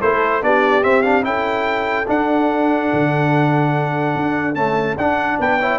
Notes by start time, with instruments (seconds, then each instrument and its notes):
0.00 tuba A3, trombone E4, horn A4, trumpet C5
0.42 tuba B3, trombone D4, horn G4, trumpet D5
0.82 trombone C4, tuba C4, trumpet E5
1.02 trombone D4, trumpet F5
1.22 tuba C#4, trombone E4, horn A4, trumpet G5
2.07 trombone D4, tuba D4, trumpet F#5
2.93 tuba D3
4.15 tuba D4
4.54 trombone A3, tuba C#4, trumpet A5
4.97 tuba D4, trombone D4, trumpet F#5
5.38 tuba B3, horn B4, trumpet G5
5.59 trombone E4, horn C#5